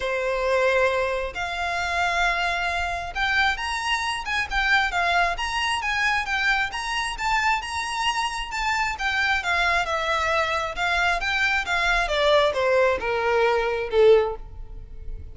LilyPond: \new Staff \with { instrumentName = "violin" } { \time 4/4 \tempo 4 = 134 c''2. f''4~ | f''2. g''4 | ais''4. gis''8 g''4 f''4 | ais''4 gis''4 g''4 ais''4 |
a''4 ais''2 a''4 | g''4 f''4 e''2 | f''4 g''4 f''4 d''4 | c''4 ais'2 a'4 | }